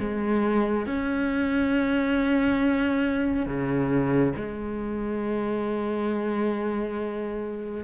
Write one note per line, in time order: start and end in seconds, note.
0.00 0.87 G#3
0.87 3.47 C#4
3.47 4.34 C#3
4.37 7.85 G#3